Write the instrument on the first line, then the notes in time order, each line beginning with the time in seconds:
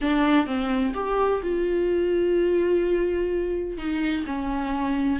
viola
0.01 D4
0.46 C4
0.94 G4
1.42 F4
3.77 D#4
4.26 C#4